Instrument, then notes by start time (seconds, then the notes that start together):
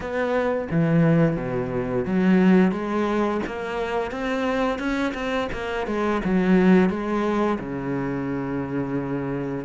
cello
0.00 B3
0.71 E3
1.36 B2
2.05 F#3
2.71 G#3
3.46 A#3
4.11 C4
4.78 C#4
5.14 C4
5.52 A#3
5.87 G#3
6.24 F#3
6.89 G#3
7.59 C#3